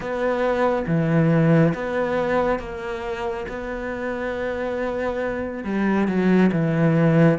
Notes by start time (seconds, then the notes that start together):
0.00 B3
0.87 E3
1.74 B3
2.59 A#3
3.48 B3
5.64 G3
6.07 F#3
6.52 E3